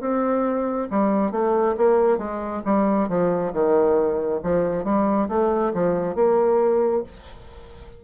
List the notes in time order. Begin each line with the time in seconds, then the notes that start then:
0.00 C4
0.90 G3
1.31 A3
1.77 A#3
2.18 G#3
2.65 G3
3.08 F3
3.53 D#3
4.43 F3
4.84 G3
5.28 A3
5.74 F3
6.15 A#3